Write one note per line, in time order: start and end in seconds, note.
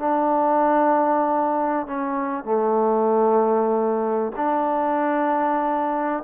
0.00 1.87 D4
1.87 2.45 C#4
2.45 4.33 A3
4.36 6.24 D4